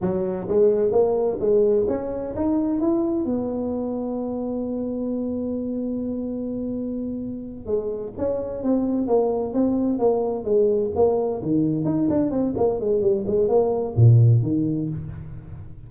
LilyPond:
\new Staff \with { instrumentName = "tuba" } { \time 4/4 \tempo 4 = 129 fis4 gis4 ais4 gis4 | cis'4 dis'4 e'4 b4~ | b1~ | b1~ |
b8 gis4 cis'4 c'4 ais8~ | ais8 c'4 ais4 gis4 ais8~ | ais8 dis4 dis'8 d'8 c'8 ais8 gis8 | g8 gis8 ais4 ais,4 dis4 | }